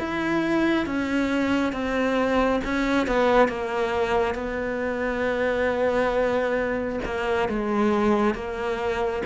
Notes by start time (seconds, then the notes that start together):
0.00 E4
0.87 C#4
1.73 C4
2.65 C#4
3.07 B3
3.49 A#3
4.35 B3
7.05 A#3
7.49 G#3
8.35 A#3